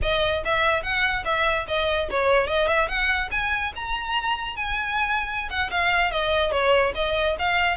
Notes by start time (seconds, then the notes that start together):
0.02 D#5
0.45 E5
0.82 F#5
1.25 E5
1.67 D#5
2.10 C#5
2.47 D#5
2.67 E5
2.88 F#5
3.31 G#5
3.75 A#5
4.56 G#5
5.49 F#5
5.70 F5
6.11 D#5
6.51 C#5
6.94 D#5
7.38 F5